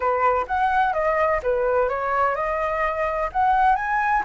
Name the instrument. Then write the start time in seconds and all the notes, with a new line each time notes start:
flute
0.00 B4
0.47 F#5
0.93 D#5
1.42 B4
1.88 C#5
2.35 D#5
3.32 F#5
3.75 G#5